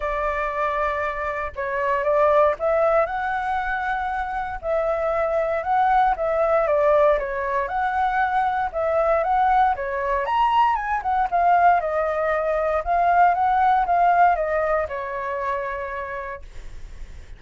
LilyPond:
\new Staff \with { instrumentName = "flute" } { \time 4/4 \tempo 4 = 117 d''2. cis''4 | d''4 e''4 fis''2~ | fis''4 e''2 fis''4 | e''4 d''4 cis''4 fis''4~ |
fis''4 e''4 fis''4 cis''4 | ais''4 gis''8 fis''8 f''4 dis''4~ | dis''4 f''4 fis''4 f''4 | dis''4 cis''2. | }